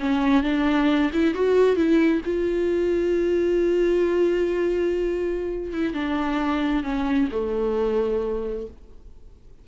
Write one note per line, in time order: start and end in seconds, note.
0.00 0.43 C#4
0.43 1.11 D4
1.13 1.34 E4
1.34 1.76 F#4
1.76 2.21 E4
2.25 5.73 F4
5.73 5.94 E4
5.94 6.83 D4
6.83 7.29 C#4
7.32 8.67 A3